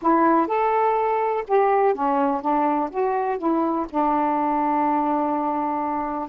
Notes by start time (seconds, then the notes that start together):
0.01 E4
0.47 A4
1.47 G4
1.94 C#4
2.41 D4
2.91 F#4
3.38 E4
3.89 D4